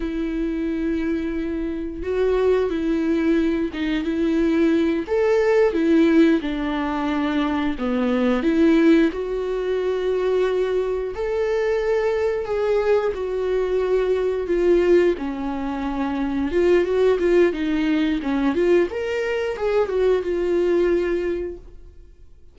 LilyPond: \new Staff \with { instrumentName = "viola" } { \time 4/4 \tempo 4 = 89 e'2. fis'4 | e'4. dis'8 e'4. a'8~ | a'8 e'4 d'2 b8~ | b8 e'4 fis'2~ fis'8~ |
fis'8 a'2 gis'4 fis'8~ | fis'4. f'4 cis'4.~ | cis'8 f'8 fis'8 f'8 dis'4 cis'8 f'8 | ais'4 gis'8 fis'8 f'2 | }